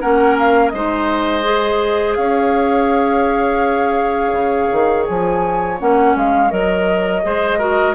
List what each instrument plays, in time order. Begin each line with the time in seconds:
0.00 bassoon A#3, clarinet C#4, oboe A#4, flute F#5
0.39 flute F5
0.69 bassoon G#3, clarinet D#4, oboe C5, flute D#5
1.42 clarinet G#4
2.15 bassoon C#4, oboe C#5, flute F5
4.32 bassoon C#3
4.72 bassoon D#3
5.06 bassoon F3, flute G#5
5.79 bassoon A#3, clarinet C#4, flute F#5
6.15 bassoon G#3, flute F5
6.50 bassoon F#3, clarinet A#4, flute D#5
7.23 bassoon G#3, clarinet G#4, oboe C5
7.58 clarinet F#4, oboe A#4